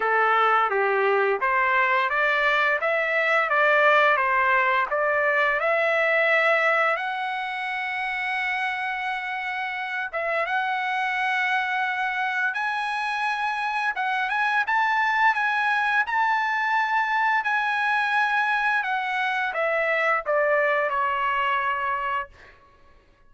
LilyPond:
\new Staff \with { instrumentName = "trumpet" } { \time 4/4 \tempo 4 = 86 a'4 g'4 c''4 d''4 | e''4 d''4 c''4 d''4 | e''2 fis''2~ | fis''2~ fis''8 e''8 fis''4~ |
fis''2 gis''2 | fis''8 gis''8 a''4 gis''4 a''4~ | a''4 gis''2 fis''4 | e''4 d''4 cis''2 | }